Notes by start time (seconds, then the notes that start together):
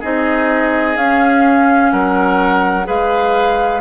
0.00 C4 D#4 G#4 D#5
0.96 C#4 F5
1.91 F#3 A#4 F#5
2.84 G#3 G#4 B4 F5